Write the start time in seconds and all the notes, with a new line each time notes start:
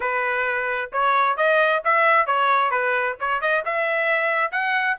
0.00 B4
0.92 C#5
1.36 D#5
1.84 E5
2.26 C#5
2.70 B4
3.20 C#5
3.41 D#5
3.65 E5
4.51 F#5